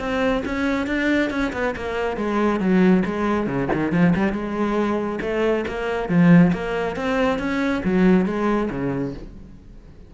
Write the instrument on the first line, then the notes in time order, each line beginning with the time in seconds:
cello
0.00 C4
0.46 C#4
0.87 D4
1.31 C#4
1.53 B3
1.76 A#3
2.17 G#3
2.60 F#3
3.06 G#3
3.47 C#3
3.74 D#3
3.92 F3
4.16 G3
4.33 G#3
5.22 A3
5.68 A#3
6.09 F3
6.53 A#3
6.96 C4
7.39 C#4
7.85 F#3
8.26 G#3
8.71 C#3